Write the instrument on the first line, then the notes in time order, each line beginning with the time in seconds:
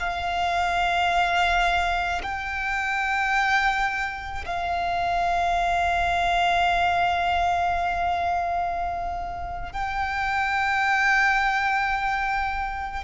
violin
0.00 F5
2.23 G5
4.46 F5
9.73 G5